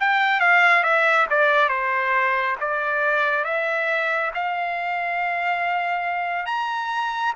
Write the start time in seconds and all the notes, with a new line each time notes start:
0.00 G5
0.40 F5
0.83 E5
1.30 D5
1.69 C5
2.60 D5
3.44 E5
4.34 F5
6.46 A#5